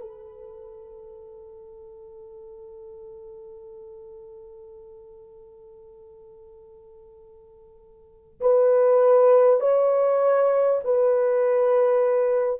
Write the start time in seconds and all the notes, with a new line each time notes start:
0.00 A4
8.40 B4
9.60 C#5
10.84 B4